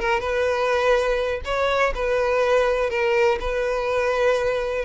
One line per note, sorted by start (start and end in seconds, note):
0.00 0.20 A#4
0.20 1.41 B4
1.45 1.94 C#5
1.95 2.90 B4
2.90 3.39 A#4
3.40 4.85 B4